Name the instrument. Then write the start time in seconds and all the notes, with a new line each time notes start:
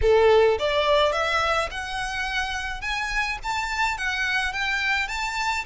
violin
0.01 A4
0.58 D5
1.12 E5
1.71 F#5
2.81 G#5
3.43 A5
3.97 F#5
4.52 G5
5.08 A5